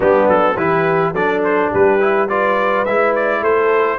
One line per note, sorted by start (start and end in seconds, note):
0.00 0.27 G3
0.00 0.56 B3
0.00 0.56 D4
0.00 0.28 G4
0.28 0.56 F#3
0.28 0.56 A4
0.56 1.13 E3
0.56 1.15 E4
0.56 1.13 G4
0.56 1.14 B4
1.13 1.70 F#3
1.13 2.00 D4
1.13 1.70 A4
1.13 1.43 D5
1.44 1.72 C5
1.70 2.87 G3
1.70 2.27 G4
1.70 2.28 B4
2.00 2.28 E4
2.28 2.86 F4
2.28 3.40 B4
2.28 2.85 D5
2.85 3.42 G#3
2.85 3.98 E4
2.85 3.14 E5
3.15 3.43 D5
3.40 3.98 A3
3.40 3.97 A4
3.40 3.98 C5